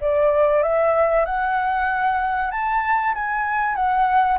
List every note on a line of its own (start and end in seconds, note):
0.00 0.62 D5
0.62 1.25 E5
1.25 2.51 F#5
2.51 3.14 A5
3.14 3.75 G#5
3.75 4.38 F#5